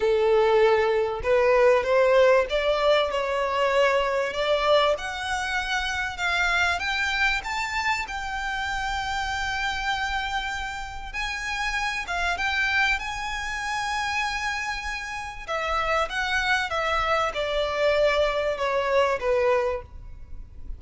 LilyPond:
\new Staff \with { instrumentName = "violin" } { \time 4/4 \tempo 4 = 97 a'2 b'4 c''4 | d''4 cis''2 d''4 | fis''2 f''4 g''4 | a''4 g''2.~ |
g''2 gis''4. f''8 | g''4 gis''2.~ | gis''4 e''4 fis''4 e''4 | d''2 cis''4 b'4 | }